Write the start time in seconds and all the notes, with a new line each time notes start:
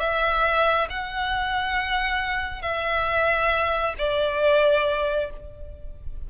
0.00 E5
0.91 F#5
2.62 E5
3.99 D5